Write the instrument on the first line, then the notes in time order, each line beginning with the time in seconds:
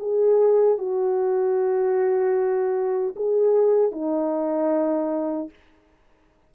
horn
0.00 G#4
0.78 F#4
3.16 G#4
3.92 D#4